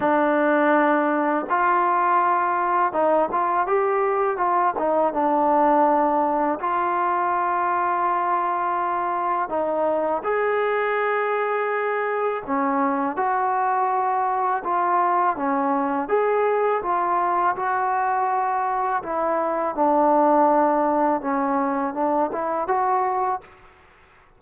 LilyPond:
\new Staff \with { instrumentName = "trombone" } { \time 4/4 \tempo 4 = 82 d'2 f'2 | dis'8 f'8 g'4 f'8 dis'8 d'4~ | d'4 f'2.~ | f'4 dis'4 gis'2~ |
gis'4 cis'4 fis'2 | f'4 cis'4 gis'4 f'4 | fis'2 e'4 d'4~ | d'4 cis'4 d'8 e'8 fis'4 | }